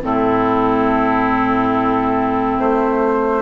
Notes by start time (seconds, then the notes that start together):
0.00 A2 C4 E4 A4
2.59 A3 C5